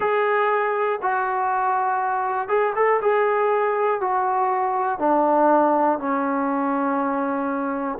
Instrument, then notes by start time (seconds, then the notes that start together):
trombone
0.00 G#4
1.01 F#4
2.48 G#4
2.75 A4
3.01 G#4
4.00 F#4
4.98 D4
5.99 C#4